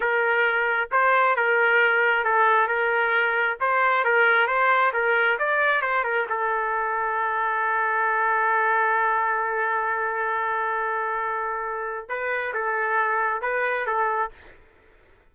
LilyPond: \new Staff \with { instrumentName = "trumpet" } { \time 4/4 \tempo 4 = 134 ais'2 c''4 ais'4~ | ais'4 a'4 ais'2 | c''4 ais'4 c''4 ais'4 | d''4 c''8 ais'8 a'2~ |
a'1~ | a'1~ | a'2. b'4 | a'2 b'4 a'4 | }